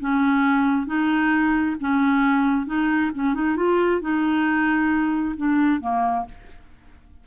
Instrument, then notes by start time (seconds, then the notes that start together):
clarinet
0.00 C#4
0.86 D#4
1.80 C#4
2.66 D#4
3.14 C#4
3.34 D#4
3.56 F4
4.01 D#4
5.36 D4
5.80 A#3